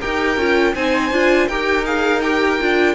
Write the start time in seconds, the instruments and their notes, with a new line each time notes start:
0.00 cello D#4, viola G4, violin A#4 G5
0.37 cello C#4, viola F4
0.75 cello C4, viola D#4, violin C5 G#5
1.11 cello D4, viola F4
1.47 cello D#4, viola G4, violin A#4 G5
1.85 viola G#4, violin F5
2.21 viola G4, violin G5
2.59 cello D4, viola F4